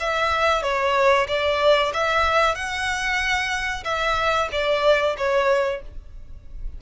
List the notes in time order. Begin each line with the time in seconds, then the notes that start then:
0.00 E5
0.62 C#5
1.28 D5
1.93 E5
2.55 F#5
3.84 E5
4.52 D5
5.18 C#5